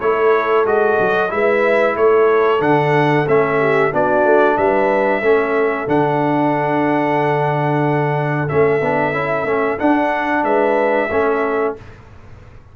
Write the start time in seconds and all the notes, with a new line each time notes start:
0.00 A3 E4 A4 C#5
0.65 G#3 F#4 D#5
0.99 F#3
1.29 G#3 E4 B4 E5
1.95 A3 A4 C#5
2.60 D3 D4 F#5
3.27 A3 C#4 E5
3.59 G4
3.91 B3 D4 F#4 D5
4.24 A3
4.57 G3 B4 E5
5.21 A3 C#4 A4
5.87 D3 D4 F#5
8.48 A3 C#4 E5
8.81 B3 D4
9.12 C#4 E4
9.44 A3 C#4
9.79 D4 F#5
10.43 G#3 B4 E5
11.10 A3 C#4 A4